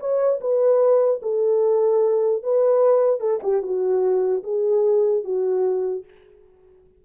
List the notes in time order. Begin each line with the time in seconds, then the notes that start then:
0.00 C#5
0.41 B4
1.22 A4
2.43 B4
3.20 A4
3.43 G4
3.63 F#4
4.44 G#4
5.24 F#4